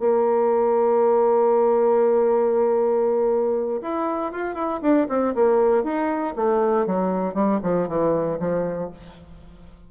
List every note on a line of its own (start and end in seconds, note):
0.00 3.81 A#3
3.82 4.32 E4
4.32 4.55 F4
4.55 4.80 E4
4.82 5.08 D4
5.09 5.35 C4
5.35 5.84 A#3
5.84 6.35 D#4
6.36 6.87 A3
6.87 7.34 F#3
7.34 7.60 G3
7.63 7.88 F3
7.88 8.39 E3
8.39 8.90 F3